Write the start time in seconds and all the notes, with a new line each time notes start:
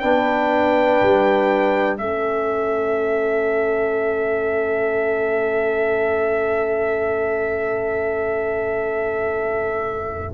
0.00 B3 D4 B4 G5
1.02 G3
1.97 A3 C#4 A4 E5